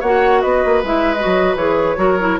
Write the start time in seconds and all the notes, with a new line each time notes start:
0.00 A#3 F#4 C#5 F#5
0.41 B3 B4 D#5
0.65 A#3
0.83 G#3 E4 E5
1.14 F#4 D#5
1.25 F#3
1.55 E3 G#4 C#5
1.96 F#3 F#4 A#4
2.20 E4